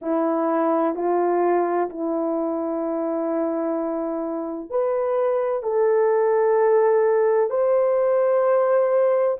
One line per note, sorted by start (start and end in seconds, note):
0.01 0.95 E4
0.95 1.89 F4
1.89 4.70 E4
4.70 5.62 B4
5.62 7.50 A4
7.50 9.37 C5